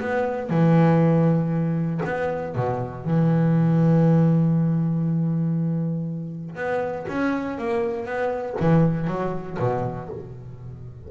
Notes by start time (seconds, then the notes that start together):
0.00 B3
0.50 E3
2.05 B3
2.55 B2
3.05 E3
6.55 B3
7.08 C#4
7.58 A#3
8.06 B3
8.60 E3
9.07 F#3
9.59 B2